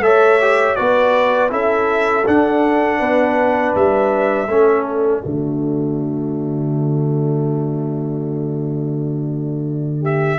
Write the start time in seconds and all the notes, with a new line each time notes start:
0.00 A3 A4 C#5 E5
0.41 G4
0.75 B3 F#4 B4 D5
1.50 C#4 E4 A4 E5
2.26 D4 F#5
2.99 B3 B4
3.75 G3 E5
4.47 A3 C#4 A4
4.86 D5
5.22 D3 A3 F#4
10.01 G4 E5